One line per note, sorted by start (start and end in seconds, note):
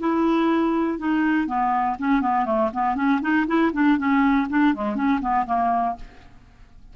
0.00 0.99 E4
0.99 1.47 D#4
1.47 1.97 B3
1.99 2.22 C#4
2.22 2.46 B3
2.46 2.70 A3
2.74 2.95 B3
2.95 3.20 C#4
3.22 3.46 D#4
3.47 3.72 E4
3.73 3.98 D4
3.98 4.48 C#4
4.49 4.74 D4
4.74 4.95 G#3
4.95 5.20 C#4
5.21 5.46 B3
5.46 5.96 A#3